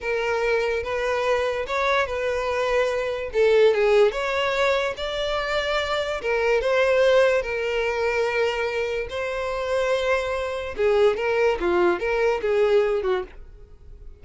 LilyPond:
\new Staff \with { instrumentName = "violin" } { \time 4/4 \tempo 4 = 145 ais'2 b'2 | cis''4 b'2. | a'4 gis'4 cis''2 | d''2. ais'4 |
c''2 ais'2~ | ais'2 c''2~ | c''2 gis'4 ais'4 | f'4 ais'4 gis'4. fis'8 | }